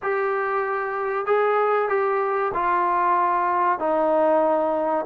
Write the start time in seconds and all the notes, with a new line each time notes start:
0.02 G4
1.26 G#4
1.88 G4
2.54 F4
3.79 D#4